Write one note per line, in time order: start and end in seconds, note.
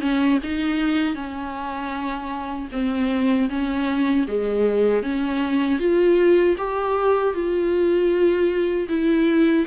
0.00 0.38 C#4
0.43 1.14 D#4
1.14 2.68 C#4
2.72 3.49 C4
3.49 4.26 C#4
4.27 5.02 G#3
5.02 5.79 C#4
5.79 6.56 F4
6.57 7.34 G4
7.34 8.87 F4
8.88 9.65 E4